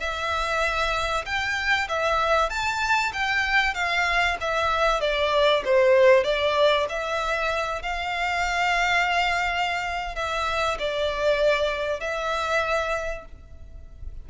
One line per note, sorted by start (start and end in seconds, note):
0.00 1.25 E5
1.26 1.88 G5
1.89 2.50 E5
2.50 3.12 A5
3.13 3.74 G5
3.74 4.37 F5
4.41 5.01 E5
5.01 5.63 D5
5.65 6.24 C5
6.24 6.87 D5
6.89 7.82 E5
7.82 10.15 F5
10.15 10.78 E5
10.79 12.00 D5
12.00 13.25 E5